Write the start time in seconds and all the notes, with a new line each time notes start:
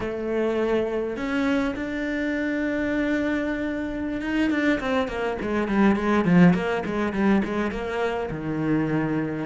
0.00 A3
1.16 C#4
1.75 D4
4.21 D#4
4.50 D4
4.80 C4
5.08 A#3
5.41 G#3
5.68 G3
5.95 G#3
6.25 F3
6.54 A#3
6.85 G#3
7.13 G3
7.44 G#3
7.71 A#3
8.30 D#3